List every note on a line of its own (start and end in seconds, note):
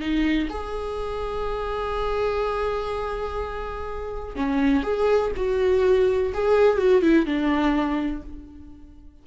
0.00 0.48 D#4
0.49 4.35 G#4
4.35 4.83 C#4
4.83 5.31 G#4
5.36 6.33 F#4
6.33 6.78 G#4
6.78 7.02 F#4
7.02 7.25 E4
7.25 8.22 D4